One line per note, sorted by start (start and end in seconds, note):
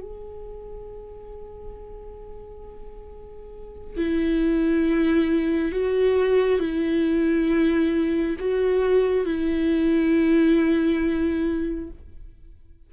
0.00 3.96 G#4
3.96 5.72 E4
5.72 6.59 F#4
6.59 8.36 E4
8.39 9.25 F#4
9.25 11.90 E4